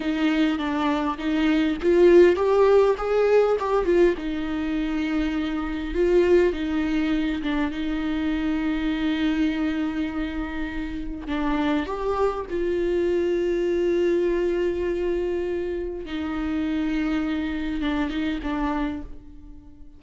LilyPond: \new Staff \with { instrumentName = "viola" } { \time 4/4 \tempo 4 = 101 dis'4 d'4 dis'4 f'4 | g'4 gis'4 g'8 f'8 dis'4~ | dis'2 f'4 dis'4~ | dis'8 d'8 dis'2.~ |
dis'2. d'4 | g'4 f'2.~ | f'2. dis'4~ | dis'2 d'8 dis'8 d'4 | }